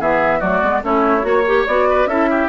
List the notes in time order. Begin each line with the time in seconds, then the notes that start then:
0.00 E3 B3 G#4 E5
0.40 F#3 A3 F#4 D5
0.62 G#3 B3
0.83 A3 C#4 E4 C#5
1.22 A#3 F#4 C#5
1.47 G4
1.67 B3 F#4 D5
1.89 B4
2.06 C#4 E4 A4 E5
2.31 G4